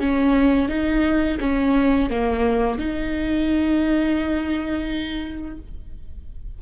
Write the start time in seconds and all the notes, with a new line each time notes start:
0.00 C#4
0.69 D#4
1.40 C#4
2.10 A#3
2.79 D#4